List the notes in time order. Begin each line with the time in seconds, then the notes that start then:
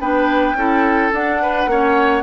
0.00 B3 D4 B4 G5
0.55 C#4 E4 A4
1.13 D4 F#5
1.42 B4
1.66 A#3 C#4 C#5